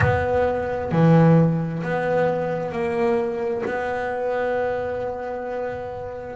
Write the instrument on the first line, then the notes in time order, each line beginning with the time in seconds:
double bass
0.00 B3
0.91 E3
1.82 B3
2.71 A#3
3.65 B3